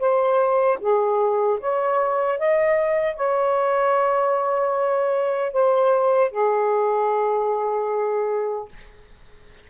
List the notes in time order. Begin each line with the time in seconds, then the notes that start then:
0.00 C5
0.81 G#4
1.60 C#5
2.39 D#5
3.17 C#5
5.53 C5
6.32 G#4